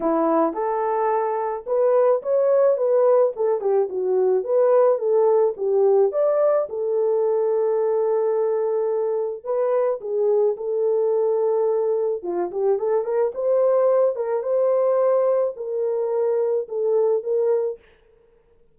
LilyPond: \new Staff \with { instrumentName = "horn" } { \time 4/4 \tempo 4 = 108 e'4 a'2 b'4 | cis''4 b'4 a'8 g'8 fis'4 | b'4 a'4 g'4 d''4 | a'1~ |
a'4 b'4 gis'4 a'4~ | a'2 f'8 g'8 a'8 ais'8 | c''4. ais'8 c''2 | ais'2 a'4 ais'4 | }